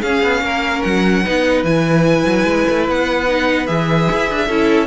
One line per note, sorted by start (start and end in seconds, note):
0.00 0.22 C#4
0.00 1.24 C#4
0.00 0.41 G#4
0.00 0.82 F5
0.22 0.41 B3
0.41 0.82 A#3
0.41 1.23 A#4
0.82 1.25 F#3
0.82 1.63 F#5
1.23 1.63 B3
1.23 1.65 D#4
1.23 4.46 B4
1.63 2.24 E3
1.63 3.27 E4
1.63 2.86 G#5
2.25 2.43 F#3
2.43 2.64 G#3
2.69 2.88 A3
2.88 3.68 B3
2.88 3.66 F#5
3.28 3.66 D#4
3.66 4.09 E3
3.66 4.47 G#4
3.66 4.86 E5
4.11 4.30 E4
4.30 4.48 D4
4.46 4.86 C#4
4.46 4.86 E4
4.46 4.86 A4